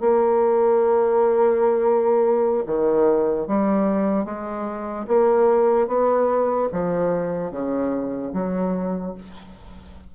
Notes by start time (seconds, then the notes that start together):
0.00 A#3
2.66 D#3
3.48 G3
4.25 G#3
5.07 A#3
5.87 B3
6.72 F3
7.51 C#3
8.33 F#3